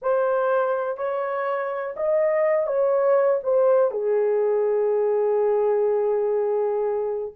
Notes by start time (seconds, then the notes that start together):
0.01 C5
0.97 C#5
1.96 D#5
2.67 C#5
3.43 C5
3.91 G#4